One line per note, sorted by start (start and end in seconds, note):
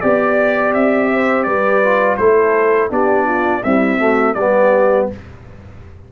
0.00 0.73 B3
0.00 1.82 G4
0.00 0.72 D5
0.00 1.11 D5
0.73 1.45 C4
0.73 1.43 E5
1.13 1.46 C5
1.43 2.18 G3
1.43 2.18 B4
1.43 2.15 D5
1.83 2.18 F4
2.16 2.90 A3
2.16 2.90 E4
2.16 2.91 A4
2.16 2.89 C5
2.90 3.62 B3
2.90 3.62 D4
2.90 3.25 G4
2.90 3.63 D5
3.25 3.61 F4
3.62 3.98 G3
3.62 4.34 C4
3.62 3.98 E4
3.62 4.34 E5
3.98 4.34 A3
3.98 4.34 F#4
4.34 5.06 G3
4.34 5.12 B3
4.34 5.09 G4
4.34 5.06 D5